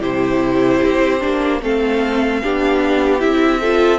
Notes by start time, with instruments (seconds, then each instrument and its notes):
0.00 cello C3, viola E4, violin G4 C5
0.83 cello C4
1.20 cello A#3, viola D4
1.62 cello A3, viola C4, violin A4 F5
2.43 cello B3, viola D4, violin G4
3.19 cello C4, viola E4, violin E5
3.61 viola F4, violin A4